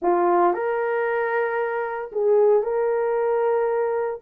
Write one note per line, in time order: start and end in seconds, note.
0.01 0.53 F4
0.53 2.11 A#4
2.12 2.62 G#4
2.62 4.20 A#4